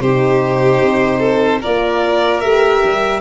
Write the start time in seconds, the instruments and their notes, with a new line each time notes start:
0.00 tuba C3, horn D#4, violin G4 C5
0.83 tuba C4
1.19 violin A4
1.61 tuba A#3, horn F4, violin A#4 D5
2.41 tuba A3, horn G4, violin E5
2.84 tuba G3